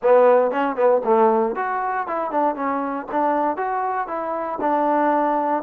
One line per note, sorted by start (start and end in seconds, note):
0.02 0.51 B3
0.51 0.76 C#4
0.76 1.01 B3
1.04 1.55 A3
1.55 2.07 F#4
2.07 2.31 E4
2.31 2.55 D4
2.55 3.06 C#4
3.11 3.56 D4
3.56 4.07 F#4
4.07 4.59 E4
4.60 5.63 D4